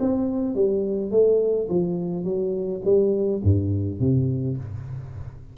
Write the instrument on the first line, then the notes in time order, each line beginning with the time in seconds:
tuba
0.00 C4
0.55 G3
1.11 A3
1.70 F3
2.25 F#3
2.85 G3
3.44 G2
4.00 C3